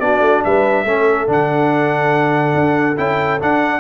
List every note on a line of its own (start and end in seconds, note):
0.00 0.20 B3
0.00 0.86 D4
0.00 0.45 F#4
0.00 0.42 D5
0.20 0.42 A3
0.44 0.85 G3
0.44 0.85 B4
0.44 1.28 E5
0.85 1.27 A3
0.85 1.27 C#4
0.85 3.80 A4
1.27 2.54 D3
1.27 2.96 D4
1.27 2.97 F#5
2.54 2.97 D4
2.97 3.41 C#4
2.97 3.39 E4
2.97 3.40 G5
3.40 3.80 D4
3.40 3.80 F#5